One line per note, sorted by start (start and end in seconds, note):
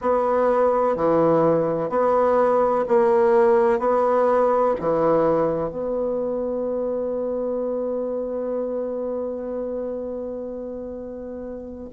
0.01 0.96 B3
0.96 1.89 E3
1.89 2.84 B3
2.88 3.79 A#3
3.79 4.74 B3
4.80 5.70 E3
5.70 11.89 B3